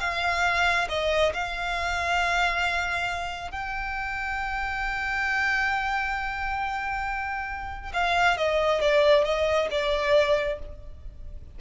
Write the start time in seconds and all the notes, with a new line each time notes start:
0.00 F5
0.89 D#5
1.34 F5
3.51 G5
7.93 F5
8.37 D#5
8.81 D5
9.24 D#5
9.71 D5